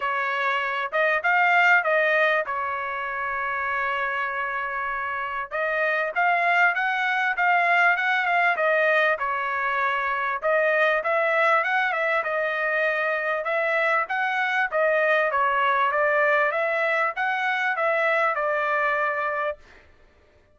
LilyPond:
\new Staff \with { instrumentName = "trumpet" } { \time 4/4 \tempo 4 = 98 cis''4. dis''8 f''4 dis''4 | cis''1~ | cis''4 dis''4 f''4 fis''4 | f''4 fis''8 f''8 dis''4 cis''4~ |
cis''4 dis''4 e''4 fis''8 e''8 | dis''2 e''4 fis''4 | dis''4 cis''4 d''4 e''4 | fis''4 e''4 d''2 | }